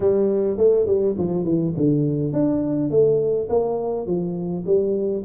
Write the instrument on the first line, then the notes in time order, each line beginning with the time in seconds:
tuba
0.00 G3
0.57 A3
0.86 G3
1.18 F3
1.44 E3
1.76 D3
2.32 D4
2.90 A3
3.49 A#3
4.06 F3
4.65 G3